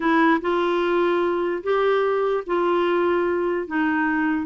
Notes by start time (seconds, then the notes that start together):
0.00 E4
0.41 F4
1.63 G4
2.46 F4
3.67 D#4